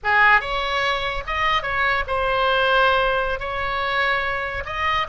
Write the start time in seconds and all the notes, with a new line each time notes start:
0.03 G#4
0.40 C#5
1.26 D#5
1.62 C#5
2.07 C5
3.39 C#5
4.65 D#5